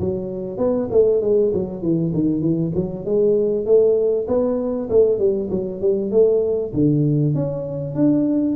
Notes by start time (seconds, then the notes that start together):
0.00 F#3
0.58 B3
0.91 A3
1.22 G#3
1.54 F#3
1.83 E3
2.15 D#3
2.42 E3
2.75 F#3
3.06 G#3
3.66 A3
4.28 B3
4.90 A3
5.19 G3
5.51 F#3
5.81 G3
6.12 A3
6.74 D3
7.36 C#4
7.95 D4